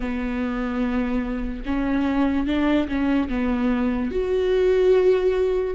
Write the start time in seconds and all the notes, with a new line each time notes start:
0.00 B3
1.65 C#4
2.47 D4
2.88 C#4
3.28 B3
4.11 F#4